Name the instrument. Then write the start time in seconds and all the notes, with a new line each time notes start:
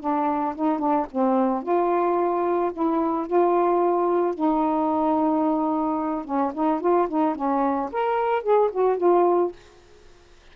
saxophone
0.00 D4
0.55 D#4
0.79 D4
1.11 C4
1.63 F4
2.73 E4
3.27 F4
4.34 D#4
6.25 C#4
6.54 D#4
6.81 F4
7.08 D#4
7.35 C#4
7.92 A#4
8.42 G#4
8.72 F#4
8.97 F4